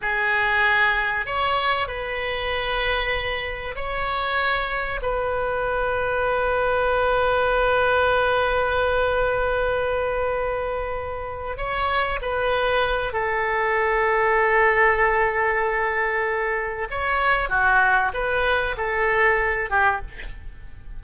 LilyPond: \new Staff \with { instrumentName = "oboe" } { \time 4/4 \tempo 4 = 96 gis'2 cis''4 b'4~ | b'2 cis''2 | b'1~ | b'1~ |
b'2~ b'8 cis''4 b'8~ | b'4 a'2.~ | a'2. cis''4 | fis'4 b'4 a'4. g'8 | }